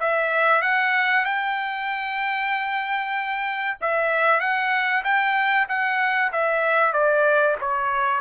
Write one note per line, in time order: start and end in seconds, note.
0.00 0.62 E5
0.62 1.25 F#5
1.25 3.78 G5
3.81 4.40 E5
4.40 5.04 F#5
5.04 5.68 G5
5.69 6.32 F#5
6.33 6.93 E5
6.93 7.56 D5
7.61 8.21 C#5